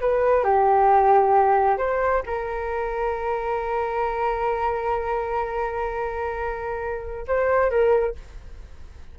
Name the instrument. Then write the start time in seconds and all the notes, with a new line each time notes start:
flute
0.00 B4
0.44 G4
1.78 C5
2.26 A#4
7.28 C5
7.70 A#4